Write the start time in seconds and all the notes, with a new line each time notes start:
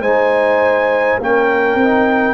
0.00 G#3 D#4 C5 G#5
1.19 A#3 C#4 A#4 G5
1.75 C4
1.81 D#4